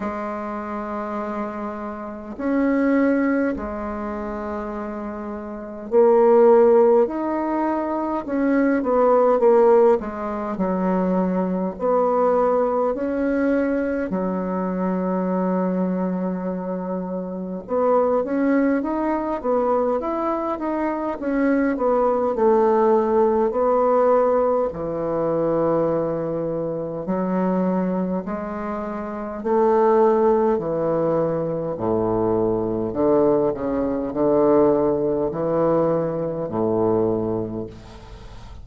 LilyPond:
\new Staff \with { instrumentName = "bassoon" } { \time 4/4 \tempo 4 = 51 gis2 cis'4 gis4~ | gis4 ais4 dis'4 cis'8 b8 | ais8 gis8 fis4 b4 cis'4 | fis2. b8 cis'8 |
dis'8 b8 e'8 dis'8 cis'8 b8 a4 | b4 e2 fis4 | gis4 a4 e4 a,4 | d8 cis8 d4 e4 a,4 | }